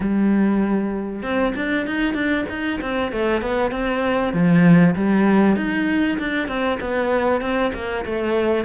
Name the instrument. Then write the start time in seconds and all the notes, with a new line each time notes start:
cello
0.00 G3
1.22 C4
1.55 D4
1.86 D#4
2.14 D4
2.49 D#4
2.81 C4
3.12 A3
3.41 B3
3.71 C4
4.33 F3
4.95 G3
5.56 D#4
6.19 D4
6.48 C4
6.80 B3
7.41 C4
7.73 A#3
8.05 A3